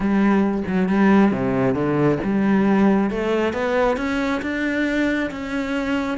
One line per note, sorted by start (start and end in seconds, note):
0.00 0.63 G3
0.67 0.88 F#3
0.88 1.31 G3
1.31 1.74 C3
1.74 2.18 D3
2.23 3.10 G3
3.10 3.53 A3
3.53 3.97 B3
3.97 4.41 C#4
4.42 5.30 D4
5.30 6.18 C#4